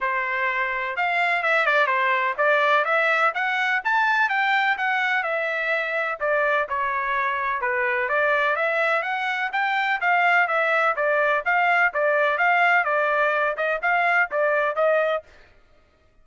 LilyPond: \new Staff \with { instrumentName = "trumpet" } { \time 4/4 \tempo 4 = 126 c''2 f''4 e''8 d''8 | c''4 d''4 e''4 fis''4 | a''4 g''4 fis''4 e''4~ | e''4 d''4 cis''2 |
b'4 d''4 e''4 fis''4 | g''4 f''4 e''4 d''4 | f''4 d''4 f''4 d''4~ | d''8 dis''8 f''4 d''4 dis''4 | }